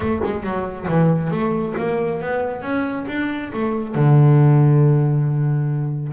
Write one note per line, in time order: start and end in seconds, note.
0.00 0.21 A3
0.24 0.43 G#3
0.43 0.86 F#3
0.88 1.30 E3
1.30 1.74 A3
1.77 2.21 A#3
2.21 2.62 B3
2.62 3.05 C#4
3.08 3.52 D4
3.53 3.94 A3
3.94 6.12 D3